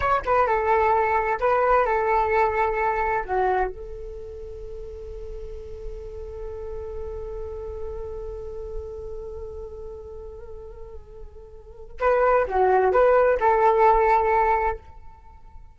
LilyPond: \new Staff \with { instrumentName = "flute" } { \time 4/4 \tempo 4 = 130 cis''8 b'8 a'2 b'4 | a'2. fis'4 | a'1~ | a'1~ |
a'1~ | a'1~ | a'2 b'4 fis'4 | b'4 a'2. | }